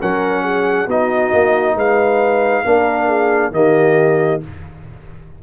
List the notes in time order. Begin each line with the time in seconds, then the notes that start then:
0.00 F#3 C#4 A#4 F#5
0.42 G#4
0.86 B3 D#4 F#4 D#5
1.32 A#3
1.75 G#3 B4 F5
2.64 A#3 D4 A#4
3.06 G#4
3.51 D#3 A#3 G4 D#5